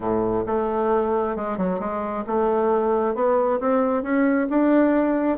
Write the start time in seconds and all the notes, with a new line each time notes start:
0.00 A2
0.46 A3
1.36 G#3
1.57 F#3
1.79 G#3
2.26 A3
3.14 B3
3.60 C4
4.02 C#4
4.49 D4